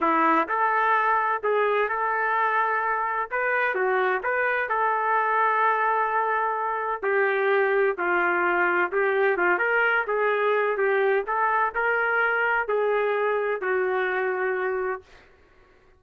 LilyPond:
\new Staff \with { instrumentName = "trumpet" } { \time 4/4 \tempo 4 = 128 e'4 a'2 gis'4 | a'2. b'4 | fis'4 b'4 a'2~ | a'2. g'4~ |
g'4 f'2 g'4 | f'8 ais'4 gis'4. g'4 | a'4 ais'2 gis'4~ | gis'4 fis'2. | }